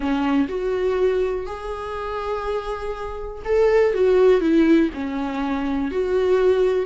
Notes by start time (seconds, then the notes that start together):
0.00 C#4
0.48 F#4
1.46 G#4
3.44 A4
3.94 F#4
4.40 E4
4.93 C#4
5.91 F#4